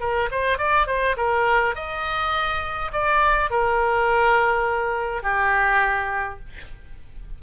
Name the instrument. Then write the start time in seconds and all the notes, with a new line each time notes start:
oboe
0.00 A#4
0.31 C5
0.58 D5
0.87 C5
1.17 A#4
1.75 D#5
2.93 D5
3.51 A#4
5.23 G4